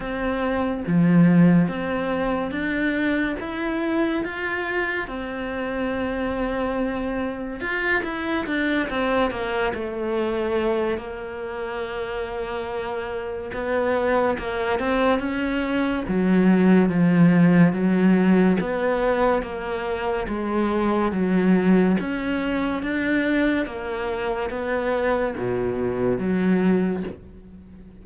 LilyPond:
\new Staff \with { instrumentName = "cello" } { \time 4/4 \tempo 4 = 71 c'4 f4 c'4 d'4 | e'4 f'4 c'2~ | c'4 f'8 e'8 d'8 c'8 ais8 a8~ | a4 ais2. |
b4 ais8 c'8 cis'4 fis4 | f4 fis4 b4 ais4 | gis4 fis4 cis'4 d'4 | ais4 b4 b,4 fis4 | }